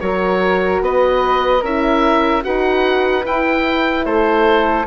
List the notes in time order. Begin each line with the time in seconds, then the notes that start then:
0.00 F#3 F#4 A#4 C#5
0.81 B3 B4 D#5
1.61 C#4 E4 A#4 E5
2.42 D#4 F#4 B4 F#5
3.25 E4 G5
4.05 A3 A4 C5